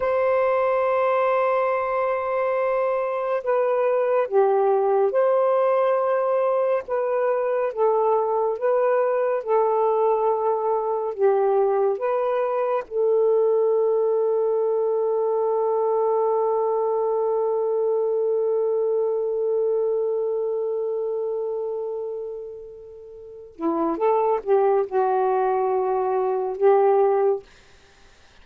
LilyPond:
\new Staff \with { instrumentName = "saxophone" } { \time 4/4 \tempo 4 = 70 c''1 | b'4 g'4 c''2 | b'4 a'4 b'4 a'4~ | a'4 g'4 b'4 a'4~ |
a'1~ | a'1~ | a'2.~ a'8 e'8 | a'8 g'8 fis'2 g'4 | }